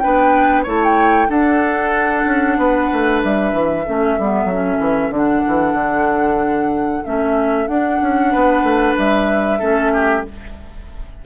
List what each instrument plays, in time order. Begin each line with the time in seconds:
0.00 bassoon B3, clarinet D4, oboe B4, flute G5
0.64 bassoon A3, clarinet E4, oboe C#5, flute A5
0.85 flute G5
1.28 clarinet D4, bassoon D4, oboe A4, flute F#5
2.26 bassoon C#4
2.58 bassoon B3, oboe B4
2.93 bassoon A3
3.24 bassoon G3, flute E5
3.53 bassoon E3
3.86 bassoon A3, clarinet C#4, oboe A4
4.19 bassoon G3, clarinet B3
4.45 bassoon F#3
4.52 clarinet C#4
4.80 bassoon E3
5.10 bassoon D3, clarinet D4, flute F#5
5.47 bassoon E3
5.74 bassoon D3
7.05 bassoon A3, clarinet C#4, flute E5
7.68 bassoon D4, clarinet D4, flute F#5
8.02 bassoon C#4
8.32 bassoon B3, oboe B4
8.63 bassoon A3
8.98 bassoon G3, flute E5
9.60 bassoon A3, clarinet C#4, oboe A4
9.94 oboe G4